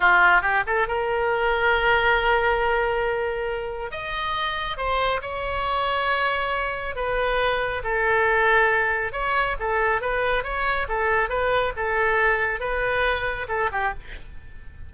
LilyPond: \new Staff \with { instrumentName = "oboe" } { \time 4/4 \tempo 4 = 138 f'4 g'8 a'8 ais'2~ | ais'1~ | ais'4 dis''2 c''4 | cis''1 |
b'2 a'2~ | a'4 cis''4 a'4 b'4 | cis''4 a'4 b'4 a'4~ | a'4 b'2 a'8 g'8 | }